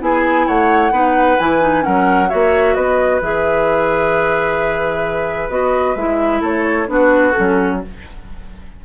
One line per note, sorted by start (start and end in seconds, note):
0.00 0.47 B3
0.00 0.92 E4
0.00 0.47 G#4
0.00 0.48 G#5
0.47 0.91 A3
0.47 0.92 C#5
0.47 1.39 F#5
0.91 1.37 B3
0.91 1.38 D#4
0.91 1.84 B4
1.39 1.85 E3
1.39 1.61 E4
1.39 1.84 G#5
1.61 1.82 D#4
1.82 2.32 F#3
1.82 2.28 C#4
1.82 2.29 A#4
1.82 2.29 F#5
2.29 2.76 A#3
2.29 3.21 F#4
2.29 2.75 C#5
2.29 2.74 E5
2.74 3.21 B3
2.74 6.41 B4
2.74 3.20 D#5
3.21 5.49 E3
3.21 5.50 G#4
3.21 5.50 E5
5.49 5.95 B3
5.49 5.96 F#4
5.49 5.96 D#5
5.95 6.41 G#3
5.95 6.87 E4
5.95 6.42 E5
6.41 6.87 A3
6.41 6.87 A4
6.41 6.89 C#5
6.87 7.33 B3
6.87 7.33 D4
6.87 7.83 F#4
6.87 7.31 B4
7.31 7.82 C#4
7.31 7.77 A4
7.39 7.85 F#3